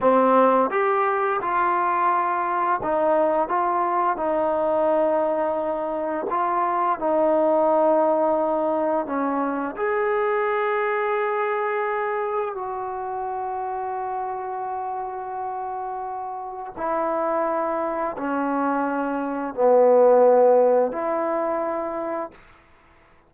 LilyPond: \new Staff \with { instrumentName = "trombone" } { \time 4/4 \tempo 4 = 86 c'4 g'4 f'2 | dis'4 f'4 dis'2~ | dis'4 f'4 dis'2~ | dis'4 cis'4 gis'2~ |
gis'2 fis'2~ | fis'1 | e'2 cis'2 | b2 e'2 | }